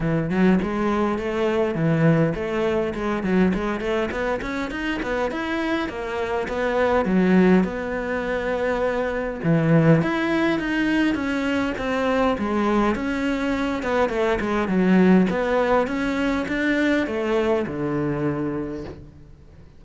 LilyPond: \new Staff \with { instrumentName = "cello" } { \time 4/4 \tempo 4 = 102 e8 fis8 gis4 a4 e4 | a4 gis8 fis8 gis8 a8 b8 cis'8 | dis'8 b8 e'4 ais4 b4 | fis4 b2. |
e4 e'4 dis'4 cis'4 | c'4 gis4 cis'4. b8 | a8 gis8 fis4 b4 cis'4 | d'4 a4 d2 | }